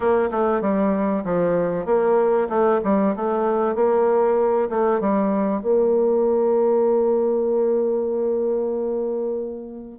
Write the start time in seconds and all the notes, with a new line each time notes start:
0.00 A#3
0.31 A3
0.61 G3
1.24 F3
1.85 A#3
2.49 A3
2.84 G3
3.16 A3
3.75 A#3
4.69 A3
5.00 G3
5.62 A#3